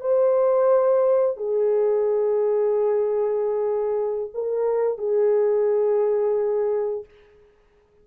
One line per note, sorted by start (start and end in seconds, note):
0.00 1.36 C5
1.36 4.29 G#4
4.34 4.98 A#4
4.98 7.05 G#4